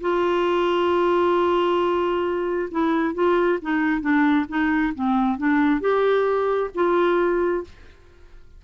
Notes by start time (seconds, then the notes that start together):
0.00 F4
2.70 E4
3.14 F4
3.61 D#4
4.01 D4
4.48 D#4
4.94 C4
5.37 D4
5.80 G4
6.74 F4